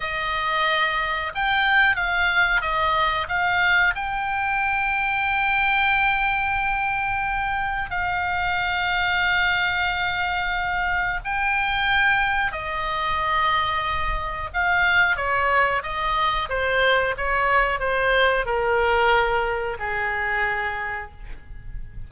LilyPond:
\new Staff \with { instrumentName = "oboe" } { \time 4/4 \tempo 4 = 91 dis''2 g''4 f''4 | dis''4 f''4 g''2~ | g''1 | f''1~ |
f''4 g''2 dis''4~ | dis''2 f''4 cis''4 | dis''4 c''4 cis''4 c''4 | ais'2 gis'2 | }